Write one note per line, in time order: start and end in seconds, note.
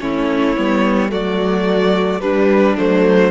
0.00 0.57 A3
0.00 0.56 C#4
0.00 1.11 E4
0.00 1.11 C#5
0.57 1.12 G3
0.57 1.09 B3
1.09 2.22 F#3
1.09 2.20 A3
1.09 2.21 F#4
1.09 2.21 D5
2.21 2.77 G3
2.21 2.78 G3
2.21 3.31 D4
2.21 2.76 B4
2.78 3.31 F#3
2.78 3.31 A3
2.78 3.31 C5